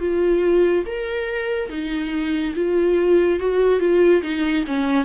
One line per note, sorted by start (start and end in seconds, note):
0.00 0.85 F4
0.86 1.69 A#4
1.69 2.54 D#4
2.55 3.39 F4
3.39 3.79 F#4
3.79 4.21 F4
4.22 4.64 D#4
4.67 5.05 C#4